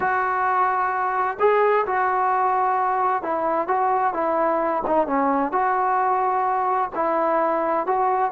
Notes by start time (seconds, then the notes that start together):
0.00 F#4
1.39 G#4
1.86 F#4
3.23 E4
3.67 F#4
4.13 E4
4.87 D#4
5.06 C#4
5.52 F#4
6.95 E4
7.86 F#4